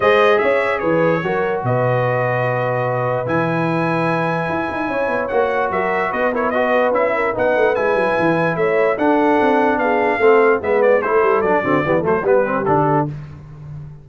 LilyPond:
<<
  \new Staff \with { instrumentName = "trumpet" } { \time 4/4 \tempo 4 = 147 dis''4 e''4 cis''2 | dis''1 | gis''1~ | gis''4 fis''4 e''4 dis''8 cis''8 |
dis''4 e''4 fis''4 gis''4~ | gis''4 e''4 fis''2 | f''2 e''8 d''8 c''4 | d''4. c''8 b'4 a'4 | }
  \new Staff \with { instrumentName = "horn" } { \time 4/4 c''4 cis''4 b'4 ais'4 | b'1~ | b'1 | cis''2 ais'4 b'8 ais'8 |
b'4. ais'8 b'2~ | b'4 cis''4 a'2 | gis'4 a'4 b'4 a'4~ | a'8 fis'8 g'8 a'8 g'2 | }
  \new Staff \with { instrumentName = "trombone" } { \time 4/4 gis'2. fis'4~ | fis'1 | e'1~ | e'4 fis'2~ fis'8 e'8 |
fis'4 e'4 dis'4 e'4~ | e'2 d'2~ | d'4 c'4 b4 e'4 | d'8 c'8 b8 a8 b8 c'8 d'4 | }
  \new Staff \with { instrumentName = "tuba" } { \time 4/4 gis4 cis'4 e4 fis4 | b,1 | e2. e'8 dis'8 | cis'8 b8 ais4 fis4 b4~ |
b4 cis'4 b8 a8 gis8 fis8 | e4 a4 d'4 c'4 | b4 a4 gis4 a8 g8 | fis8 d8 e8 fis8 g4 d4 | }
>>